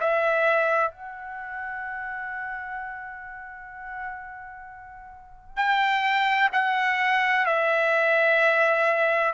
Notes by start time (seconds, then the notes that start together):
0.00 E5
0.90 F#5
5.56 G5
6.52 F#5
7.46 E5